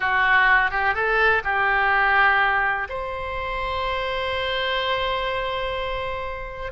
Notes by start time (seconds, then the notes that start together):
0.00 F#4
0.70 G4
0.94 A4
1.44 G4
2.89 C5